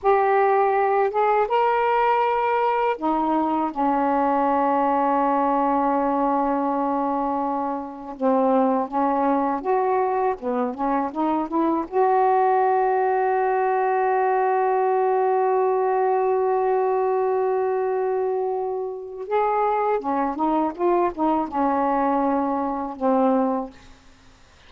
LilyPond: \new Staff \with { instrumentName = "saxophone" } { \time 4/4 \tempo 4 = 81 g'4. gis'8 ais'2 | dis'4 cis'2.~ | cis'2. c'4 | cis'4 fis'4 b8 cis'8 dis'8 e'8 |
fis'1~ | fis'1~ | fis'2 gis'4 cis'8 dis'8 | f'8 dis'8 cis'2 c'4 | }